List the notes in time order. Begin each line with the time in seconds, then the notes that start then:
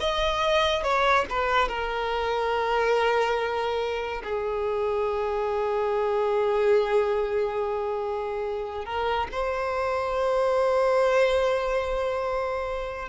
0.00 D#5
0.83 C#5
1.30 B4
1.69 A#4
4.24 G#4
8.85 A#4
9.32 C5